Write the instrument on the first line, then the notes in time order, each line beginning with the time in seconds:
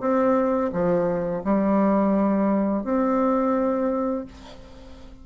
bassoon
0.00 C4
0.72 F3
1.44 G3
2.84 C4